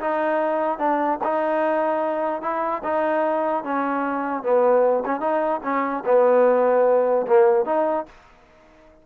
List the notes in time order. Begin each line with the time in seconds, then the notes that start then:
0.00 D#4
0.78 D4
1.23 D#4
2.42 E4
2.84 D#4
3.64 C#4
4.43 B3
5.05 C#4
5.20 D#4
5.63 C#4
6.05 B3
7.27 A#3
7.65 D#4